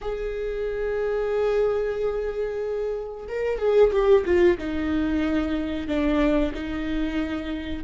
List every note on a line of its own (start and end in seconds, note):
0.01 3.27 G#4
3.28 3.58 A#4
3.58 3.91 G#4
3.91 4.24 G4
4.25 4.57 F4
4.57 5.87 D#4
5.87 6.52 D4
6.54 7.84 D#4